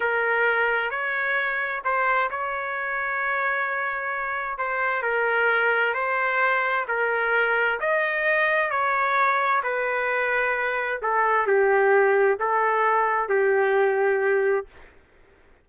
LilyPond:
\new Staff \with { instrumentName = "trumpet" } { \time 4/4 \tempo 4 = 131 ais'2 cis''2 | c''4 cis''2.~ | cis''2 c''4 ais'4~ | ais'4 c''2 ais'4~ |
ais'4 dis''2 cis''4~ | cis''4 b'2. | a'4 g'2 a'4~ | a'4 g'2. | }